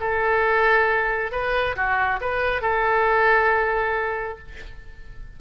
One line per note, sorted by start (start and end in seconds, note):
0.00 1.31 A4
1.31 1.75 B4
1.76 2.20 F#4
2.21 2.61 B4
2.61 4.38 A4